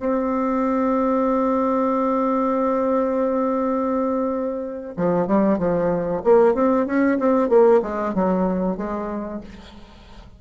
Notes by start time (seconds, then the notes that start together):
0.00 C4
4.97 F3
5.27 G3
5.59 F3
6.24 A#3
6.55 C4
6.86 C#4
7.19 C4
7.49 A#3
7.82 G#3
8.14 F#3
8.77 G#3